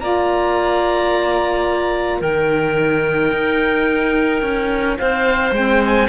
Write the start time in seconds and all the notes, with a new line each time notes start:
0.00 A#3 F4 D5 A#5
2.20 D#3 D#4 A#4 G5
3.31 D#4
4.42 C#4
4.98 C4 C5 F5
5.51 G#3 C4 G5
5.86 G#5